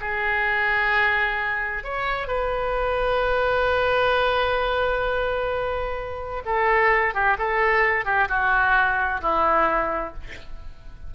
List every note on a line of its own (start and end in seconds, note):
0.00 1.84 G#4
1.84 2.27 C#5
2.27 6.42 B4
6.45 7.14 A4
7.14 7.37 G4
7.38 8.05 A4
8.05 8.28 G4
8.28 9.21 F#4
9.21 10.13 E4